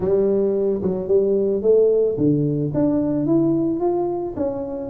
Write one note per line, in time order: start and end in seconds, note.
0.00 0.81 G3
0.82 1.07 F#3
1.07 1.62 G3
1.62 2.16 A3
2.17 2.71 D3
2.73 3.26 D4
3.26 3.80 E4
3.80 4.34 F4
4.36 4.90 C#4